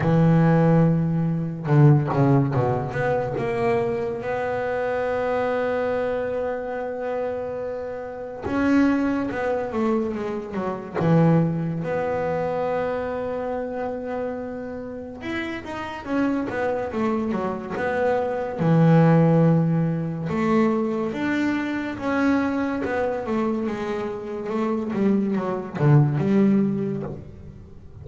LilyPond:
\new Staff \with { instrumentName = "double bass" } { \time 4/4 \tempo 4 = 71 e2 d8 cis8 b,8 b8 | ais4 b2.~ | b2 cis'4 b8 a8 | gis8 fis8 e4 b2~ |
b2 e'8 dis'8 cis'8 b8 | a8 fis8 b4 e2 | a4 d'4 cis'4 b8 a8 | gis4 a8 g8 fis8 d8 g4 | }